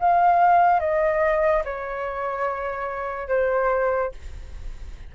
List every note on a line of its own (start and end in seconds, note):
0.00 0.80 F5
0.80 1.63 D#5
1.65 3.29 C#5
3.29 4.12 C5